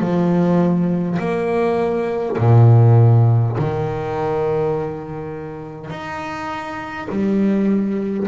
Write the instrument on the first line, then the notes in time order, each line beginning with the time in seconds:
double bass
0.00 F3
1.19 A#3
2.39 A#2
3.58 D#3
5.90 D#4
7.10 G3